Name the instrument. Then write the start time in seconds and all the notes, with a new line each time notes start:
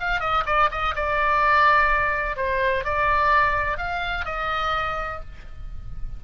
oboe
0.00 F5
0.20 D#5
0.46 D5
0.71 D#5
0.95 D5
2.37 C5
2.84 D5
3.78 F5
4.25 D#5